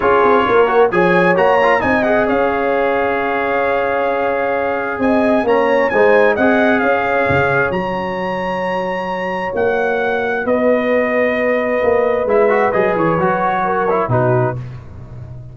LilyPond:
<<
  \new Staff \with { instrumentName = "trumpet" } { \time 4/4 \tempo 4 = 132 cis''2 gis''4 ais''4 | gis''8 fis''8 f''2.~ | f''2. gis''4 | ais''4 gis''4 fis''4 f''4~ |
f''4 ais''2.~ | ais''4 fis''2 dis''4~ | dis''2. e''4 | dis''8 cis''2~ cis''8 b'4 | }
  \new Staff \with { instrumentName = "horn" } { \time 4/4 gis'4 ais'4 cis''2 | dis''4 cis''2.~ | cis''2. dis''4 | cis''4 c''4 dis''4 cis''4~ |
cis''1~ | cis''2. b'4~ | b'1~ | b'2 ais'4 fis'4 | }
  \new Staff \with { instrumentName = "trombone" } { \time 4/4 f'4. fis'8 gis'4 fis'8 f'8 | dis'8 gis'2.~ gis'8~ | gis'1 | cis'4 dis'4 gis'2~ |
gis'4 fis'2.~ | fis'1~ | fis'2. e'8 fis'8 | gis'4 fis'4. e'8 dis'4 | }
  \new Staff \with { instrumentName = "tuba" } { \time 4/4 cis'8 c'8 ais4 f4 ais4 | c'4 cis'2.~ | cis'2. c'4 | ais4 gis4 c'4 cis'4 |
cis4 fis2.~ | fis4 ais2 b4~ | b2 ais4 gis4 | fis8 e8 fis2 b,4 | }
>>